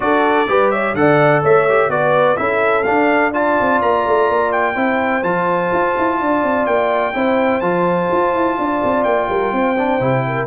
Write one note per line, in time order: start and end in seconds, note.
0.00 0.48 D4
0.00 0.47 F#4
0.00 0.49 A4
0.00 0.71 D5
0.48 0.94 G3
0.48 0.95 G4
0.48 0.71 B4
0.71 0.95 C#5
0.71 0.94 E5
0.94 1.42 D3
0.94 1.67 A4
0.94 1.42 D5
0.94 1.42 F#5
1.42 1.88 A3
1.42 1.90 C#5
1.42 1.90 E5
1.68 1.90 G4
1.88 2.36 B3
1.88 2.36 F#4
1.88 2.39 B4
1.88 2.36 D5
2.36 2.86 C#4
2.36 2.84 E4
2.36 3.33 A4
2.36 2.83 E5
2.83 3.33 D4
2.83 3.59 D4
2.83 3.31 F5
3.33 4.75 F4
3.33 4.74 D5
3.33 3.81 A5
3.60 3.81 C4
3.81 4.05 A#3
3.81 4.51 A#5
4.06 4.29 A3
4.29 4.75 A#3
4.51 5.23 G5
4.74 5.23 C4
4.74 5.22 E4
4.74 6.17 C5
5.23 5.70 F3
5.23 7.13 F4
5.23 6.66 A5
5.72 5.96 F4
5.98 6.20 E4
6.19 6.43 D4
6.19 7.14 D5
6.43 6.66 C4
6.66 7.14 A#3
6.66 7.60 G5
7.14 7.61 C4
7.14 7.61 E4
7.14 8.57 C5
7.60 8.09 F3
7.60 9.76 F4
7.60 9.03 A5
8.11 8.33 F4
8.33 8.57 E4
8.58 8.82 D4
8.58 9.29 D5
8.83 9.05 C4
9.03 9.28 A#3
9.03 10.46 G5
9.29 9.52 G3
9.29 9.53 A#4
9.52 9.99 C4
9.52 10.25 C5
9.78 10.00 D4
9.99 10.46 C3
9.99 10.46 E4
10.26 10.46 A#4